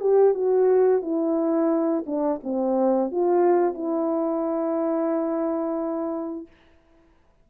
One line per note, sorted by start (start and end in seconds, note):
0.00 0.34 G4
0.34 1.02 F#4
1.02 2.04 E4
2.06 2.40 D4
2.43 3.11 C4
3.11 3.74 F4
3.74 6.47 E4